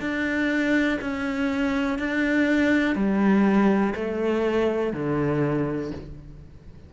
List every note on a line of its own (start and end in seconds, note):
0.00 0.98 D4
1.01 1.99 C#4
1.99 2.95 D4
2.95 3.93 G3
3.94 4.93 A3
4.93 5.91 D3